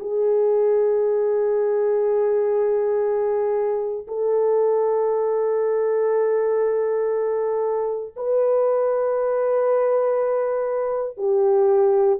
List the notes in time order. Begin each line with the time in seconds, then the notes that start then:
0.00 G#4
4.08 A4
8.16 B4
11.17 G4